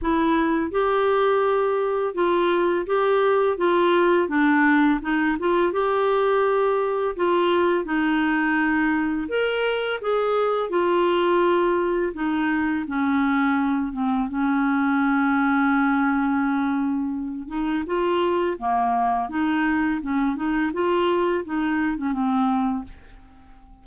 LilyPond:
\new Staff \with { instrumentName = "clarinet" } { \time 4/4 \tempo 4 = 84 e'4 g'2 f'4 | g'4 f'4 d'4 dis'8 f'8 | g'2 f'4 dis'4~ | dis'4 ais'4 gis'4 f'4~ |
f'4 dis'4 cis'4. c'8 | cis'1~ | cis'8 dis'8 f'4 ais4 dis'4 | cis'8 dis'8 f'4 dis'8. cis'16 c'4 | }